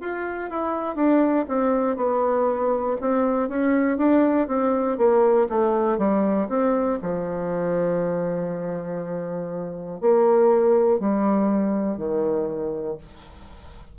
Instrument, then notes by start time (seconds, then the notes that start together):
bassoon
0.00 F4
0.50 E4
0.95 D4
1.48 C4
1.96 B3
3.00 C4
3.48 C#4
3.98 D4
4.48 C4
4.97 A#3
5.49 A3
5.98 G3
6.49 C4
7.02 F3
10.01 A#3
10.99 G3
11.97 D#3